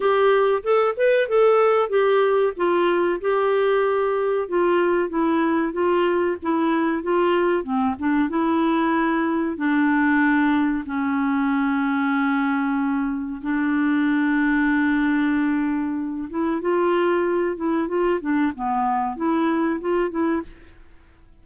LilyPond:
\new Staff \with { instrumentName = "clarinet" } { \time 4/4 \tempo 4 = 94 g'4 a'8 b'8 a'4 g'4 | f'4 g'2 f'4 | e'4 f'4 e'4 f'4 | c'8 d'8 e'2 d'4~ |
d'4 cis'2.~ | cis'4 d'2.~ | d'4. e'8 f'4. e'8 | f'8 d'8 b4 e'4 f'8 e'8 | }